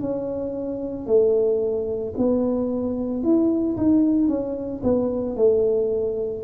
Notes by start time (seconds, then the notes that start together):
0.00 C#4
1.07 A3
2.17 B3
3.23 E4
3.77 D#4
4.28 C#4
4.83 B3
5.36 A3